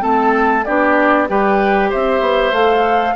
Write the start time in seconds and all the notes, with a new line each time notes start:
0.00 A3 C4 A4 A5
0.65 B3 D4 G4 D5
1.28 G3 G4 B4 G5
1.90 C4 C5 E5
2.21 B3
2.52 A3 A4 F5